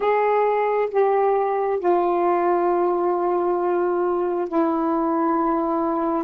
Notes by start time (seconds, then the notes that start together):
0.00 G#4
0.90 G4
1.79 F4
4.48 E4